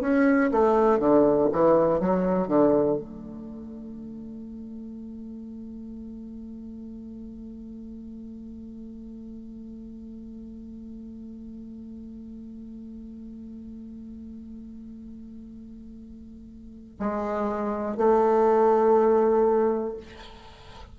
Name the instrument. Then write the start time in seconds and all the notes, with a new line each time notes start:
bassoon
0.00 C#4
0.51 A3
0.99 D3
1.52 E3
2.00 F#3
2.47 D3
2.97 A3
16.99 G#3
17.96 A3